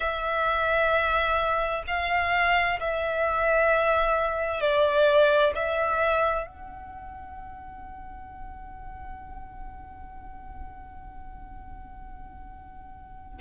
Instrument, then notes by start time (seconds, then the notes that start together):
violin
0.00 E5
1.87 F5
2.79 E5
4.60 D5
5.55 E5
6.46 F#5